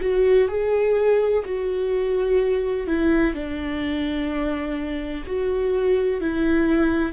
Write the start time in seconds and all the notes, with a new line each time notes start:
0.00 F#4
0.48 G#4
1.45 F#4
2.87 E4
3.34 D4
5.26 F#4
6.20 E4